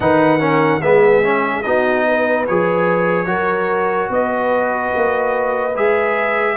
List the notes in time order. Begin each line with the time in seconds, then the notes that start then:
0.00 D#3 D#4 B4 F#5
0.39 C#4 A#4
0.81 G#3 B3 G#4 E5
1.23 C#4
1.62 B3 D#4 F#4 D#5
2.07 B4
2.46 F3 G#4 C#5
3.26 F#3 F#4 A#4
4.09 B3 B4 D#5
4.95 A#3
5.75 G#3 G#4 E5